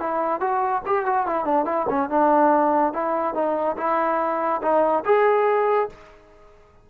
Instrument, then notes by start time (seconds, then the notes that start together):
trombone
0.00 E4
0.41 F#4
0.87 G4
1.06 F#4
1.27 E4
1.46 D4
1.66 E4
1.90 C#4
2.10 D4
2.94 E4
3.35 D#4
3.78 E4
4.63 D#4
5.06 G#4